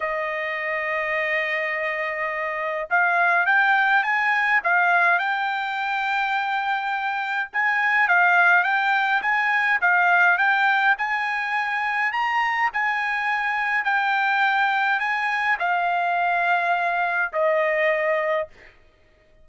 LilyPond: \new Staff \with { instrumentName = "trumpet" } { \time 4/4 \tempo 4 = 104 dis''1~ | dis''4 f''4 g''4 gis''4 | f''4 g''2.~ | g''4 gis''4 f''4 g''4 |
gis''4 f''4 g''4 gis''4~ | gis''4 ais''4 gis''2 | g''2 gis''4 f''4~ | f''2 dis''2 | }